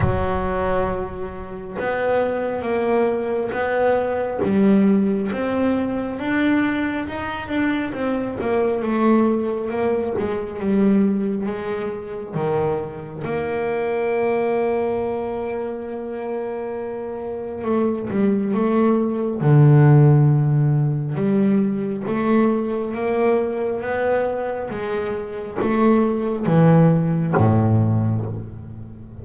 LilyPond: \new Staff \with { instrumentName = "double bass" } { \time 4/4 \tempo 4 = 68 fis2 b4 ais4 | b4 g4 c'4 d'4 | dis'8 d'8 c'8 ais8 a4 ais8 gis8 | g4 gis4 dis4 ais4~ |
ais1 | a8 g8 a4 d2 | g4 a4 ais4 b4 | gis4 a4 e4 a,4 | }